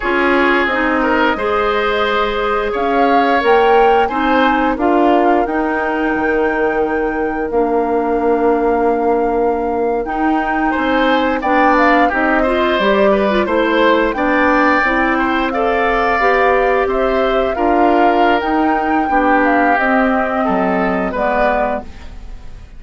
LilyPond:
<<
  \new Staff \with { instrumentName = "flute" } { \time 4/4 \tempo 4 = 88 cis''4 dis''2. | f''4 g''4 gis''4 f''4 | g''2. f''4~ | f''2~ f''8. g''4 gis''16~ |
gis''8. g''8 f''8 dis''4 d''4 c''16~ | c''8. g''2 f''4~ f''16~ | f''8. e''4 f''4~ f''16 g''4~ | g''8 f''8 dis''2 d''4 | }
  \new Staff \with { instrumentName = "oboe" } { \time 4/4 gis'4. ais'8 c''2 | cis''2 c''4 ais'4~ | ais'1~ | ais'2.~ ais'8. c''16~ |
c''8. d''4 g'8 c''4 b'8 c''16~ | c''8. d''4. c''8 d''4~ d''16~ | d''8. c''4 ais'2~ ais'16 | g'2 a'4 b'4 | }
  \new Staff \with { instrumentName = "clarinet" } { \time 4/4 f'4 dis'4 gis'2~ | gis'4 ais'4 dis'4 f'4 | dis'2. d'4~ | d'2~ d'8. dis'4~ dis'16~ |
dis'8. d'4 dis'8 f'8 g'8. f'16 e'16~ | e'8. d'4 e'4 a'4 g'16~ | g'4.~ g'16 f'4~ f'16 dis'4 | d'4 c'2 b4 | }
  \new Staff \with { instrumentName = "bassoon" } { \time 4/4 cis'4 c'4 gis2 | cis'4 ais4 c'4 d'4 | dis'4 dis2 ais4~ | ais2~ ais8. dis'4 c'16~ |
c'8. b4 c'4 g4 a16~ | a8. b4 c'2 b16~ | b8. c'4 d'4~ d'16 dis'4 | b4 c'4 fis4 gis4 | }
>>